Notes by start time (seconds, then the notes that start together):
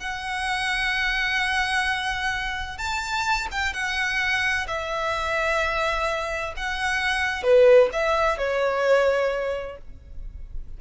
0.00 F#5
2.78 A5
3.52 G5
3.74 F#5
4.68 E5
6.57 F#5
7.43 B4
7.93 E5
8.38 C#5